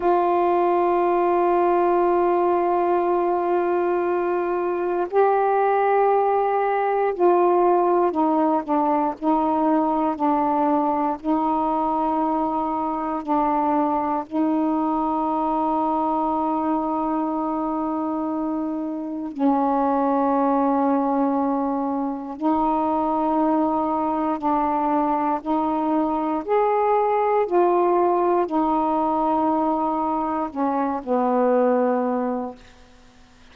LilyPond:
\new Staff \with { instrumentName = "saxophone" } { \time 4/4 \tempo 4 = 59 f'1~ | f'4 g'2 f'4 | dis'8 d'8 dis'4 d'4 dis'4~ | dis'4 d'4 dis'2~ |
dis'2. cis'4~ | cis'2 dis'2 | d'4 dis'4 gis'4 f'4 | dis'2 cis'8 b4. | }